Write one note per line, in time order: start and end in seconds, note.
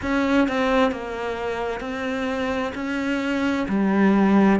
0.02 0.48 C#4
0.48 0.91 C4
0.91 1.80 A#3
1.80 2.72 C4
2.74 3.67 C#4
3.68 4.59 G3